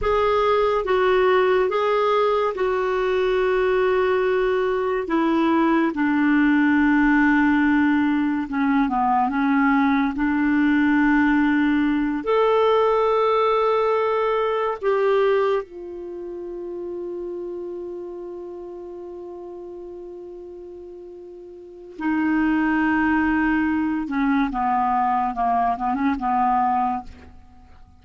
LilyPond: \new Staff \with { instrumentName = "clarinet" } { \time 4/4 \tempo 4 = 71 gis'4 fis'4 gis'4 fis'4~ | fis'2 e'4 d'4~ | d'2 cis'8 b8 cis'4 | d'2~ d'8 a'4.~ |
a'4. g'4 f'4.~ | f'1~ | f'2 dis'2~ | dis'8 cis'8 b4 ais8 b16 cis'16 b4 | }